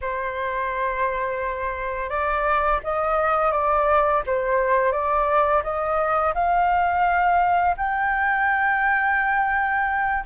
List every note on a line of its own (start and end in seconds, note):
0.01 2.09 C5
2.09 2.80 D5
2.83 3.51 D#5
3.51 4.22 D5
4.26 4.92 C5
4.92 5.62 D5
5.63 6.33 D#5
6.34 7.75 F5
7.76 10.24 G5